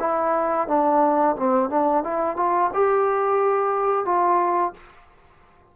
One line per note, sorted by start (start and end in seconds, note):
0.00 0.68 E4
0.68 1.36 D4
1.36 1.70 C4
1.70 2.04 D4
2.04 2.37 E4
2.37 2.71 F4
2.74 4.05 G4
4.05 4.73 F4